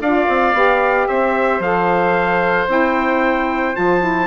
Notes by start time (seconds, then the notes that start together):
0.00 D4 F4 D5 F5
0.28 C4
0.53 B3 G4
1.07 C4 C5 E5
1.59 F3 A4 F5
2.67 C4 E4 G5
3.74 F3 F4 A5
4.00 E4